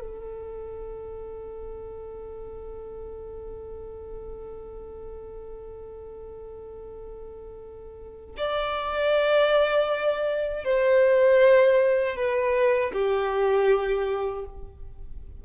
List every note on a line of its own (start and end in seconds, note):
0.00 8.35 A4
8.37 10.65 D5
10.65 12.16 C5
12.16 12.92 B4
12.93 14.45 G4